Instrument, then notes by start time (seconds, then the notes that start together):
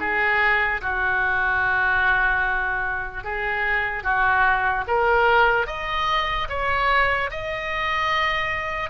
oboe
0.00 G#4
0.82 F#4
3.24 G#4
4.04 F#4
4.88 A#4
5.67 D#5
6.49 C#5
7.31 D#5